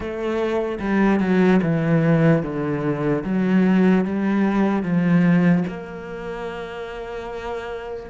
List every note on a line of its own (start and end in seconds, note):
0.00 0.79 A3
0.79 1.19 G3
1.19 1.60 F#3
1.62 2.42 E3
2.42 3.23 D3
3.24 4.05 F#3
4.05 4.82 G3
4.82 5.64 F3
5.67 8.09 A#3